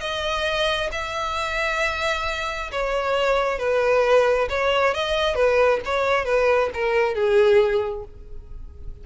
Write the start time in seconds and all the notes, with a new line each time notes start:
0.00 D#5
0.92 E5
2.71 C#5
3.58 B4
4.49 C#5
4.94 D#5
5.35 B4
5.85 C#5
6.25 B4
6.74 A#4
7.14 G#4